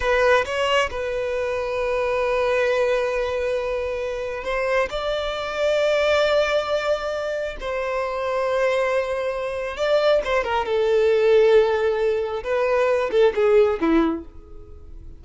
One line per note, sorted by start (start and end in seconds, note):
0.00 0.44 B4
0.45 0.89 C#5
0.90 4.44 B4
4.44 4.88 C5
4.90 7.56 D5
7.60 9.77 C5
9.77 10.21 D5
10.24 10.43 C5
10.43 10.65 A#4
10.65 12.43 A4
12.43 13.10 B4
13.11 13.33 A4
13.35 13.79 G#4
13.80 14.24 E4